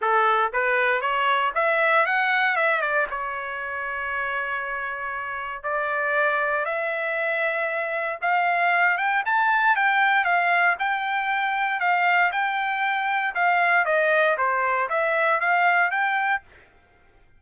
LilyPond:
\new Staff \with { instrumentName = "trumpet" } { \time 4/4 \tempo 4 = 117 a'4 b'4 cis''4 e''4 | fis''4 e''8 d''8 cis''2~ | cis''2. d''4~ | d''4 e''2. |
f''4. g''8 a''4 g''4 | f''4 g''2 f''4 | g''2 f''4 dis''4 | c''4 e''4 f''4 g''4 | }